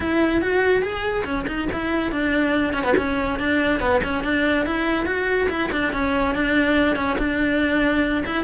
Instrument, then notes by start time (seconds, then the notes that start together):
cello
0.00 E4
0.41 F#4
0.82 G#4
1.24 C#4
1.47 D#4
1.72 E4
2.11 D4
2.73 C#4
2.83 B3
2.97 C#4
3.39 D4
3.80 B3
4.03 C#4
4.23 D4
4.66 E4
5.05 F#4
5.49 E4
5.71 D4
5.93 C#4
6.34 D4
6.95 C#4
7.18 D4
8.25 E4